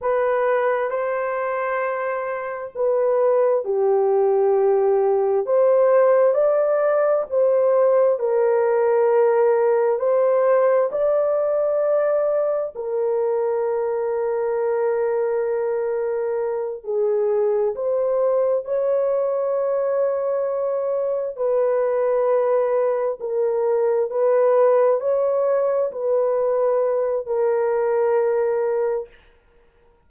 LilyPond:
\new Staff \with { instrumentName = "horn" } { \time 4/4 \tempo 4 = 66 b'4 c''2 b'4 | g'2 c''4 d''4 | c''4 ais'2 c''4 | d''2 ais'2~ |
ais'2~ ais'8 gis'4 c''8~ | c''8 cis''2. b'8~ | b'4. ais'4 b'4 cis''8~ | cis''8 b'4. ais'2 | }